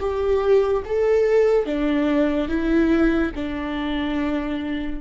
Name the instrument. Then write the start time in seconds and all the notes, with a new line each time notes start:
viola
0.00 G4
0.85 A4
1.66 D4
2.48 E4
3.35 D4